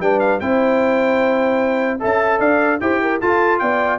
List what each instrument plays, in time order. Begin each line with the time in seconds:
0.00 tuba G3, trombone D4, horn B4, trumpet G5
0.19 trumpet F5
0.40 tuba C4, trombone E4, horn C5, trumpet G5
2.00 tuba C#4, trombone A4, horn E5, trumpet A5
2.39 tuba D4, horn D5, trumpet F5
2.80 tuba E4, trombone G4, horn C5, trumpet G5
3.02 horn A#4
3.21 trombone F4, tuba F4, horn A4, trumpet A5
3.59 tuba B3, horn D5, trumpet G5